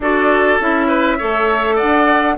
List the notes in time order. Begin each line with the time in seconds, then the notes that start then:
0.00 D4 F#4 A4 D5
0.59 C#4 E4 E5
0.87 B4
1.18 A3 A4 C#5
1.75 D5 F#5
1.81 D4